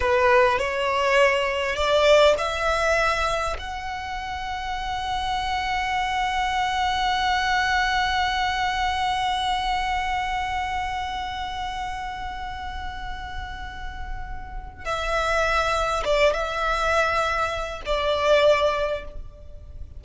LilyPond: \new Staff \with { instrumentName = "violin" } { \time 4/4 \tempo 4 = 101 b'4 cis''2 d''4 | e''2 fis''2~ | fis''1~ | fis''1~ |
fis''1~ | fis''1~ | fis''4 e''2 d''8 e''8~ | e''2 d''2 | }